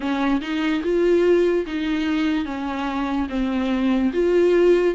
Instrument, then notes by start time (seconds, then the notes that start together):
viola
0.00 C#4
0.41 D#4
0.83 F4
1.66 D#4
2.45 C#4
3.29 C4
4.13 F4